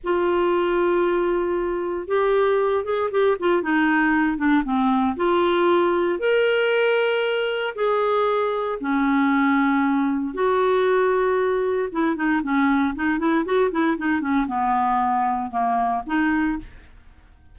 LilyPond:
\new Staff \with { instrumentName = "clarinet" } { \time 4/4 \tempo 4 = 116 f'1 | g'4. gis'8 g'8 f'8 dis'4~ | dis'8 d'8 c'4 f'2 | ais'2. gis'4~ |
gis'4 cis'2. | fis'2. e'8 dis'8 | cis'4 dis'8 e'8 fis'8 e'8 dis'8 cis'8 | b2 ais4 dis'4 | }